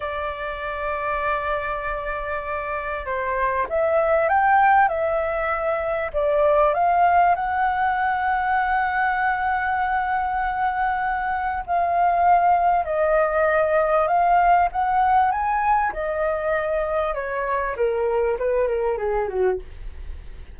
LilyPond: \new Staff \with { instrumentName = "flute" } { \time 4/4 \tempo 4 = 98 d''1~ | d''4 c''4 e''4 g''4 | e''2 d''4 f''4 | fis''1~ |
fis''2. f''4~ | f''4 dis''2 f''4 | fis''4 gis''4 dis''2 | cis''4 ais'4 b'8 ais'8 gis'8 fis'8 | }